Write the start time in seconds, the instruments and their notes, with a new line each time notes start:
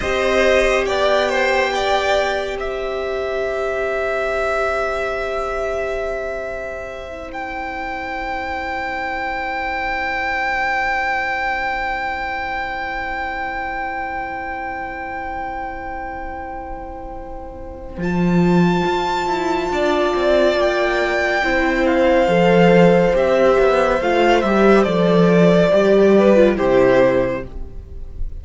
0.00 cello C4, viola G4, violin C5 D#5
0.85 cello B3, violin D5 G5
1.29 violin C5
1.74 violin D5
2.55 cello C4, violin C5 E5
7.07 viola E4
7.32 violin G5
17.97 cello F3, viola F4, violin A5
18.85 cello F4
19.26 cello E4
19.69 cello D4, violin D5
20.15 cello C4
20.56 cello A#3, violin G5
21.43 cello C4, viola E4, violin C5
21.86 violin F5
22.27 cello F3, viola A4
23.13 cello C4, viola G4, violin E5
23.59 cello B3
24.01 cello A3, viola F4, violin F5
24.41 cello G3, viola G4, violin E5
24.83 cello F3, viola A4, violin D5
25.71 cello G3, viola G4
26.17 violin B4
26.35 viola F4
26.55 cello C3, viola E4, violin G4 C5